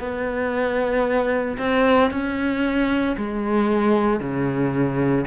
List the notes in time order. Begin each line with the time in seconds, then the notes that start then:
0.00 B3
1.58 C4
2.11 C#4
3.17 G#3
4.20 C#3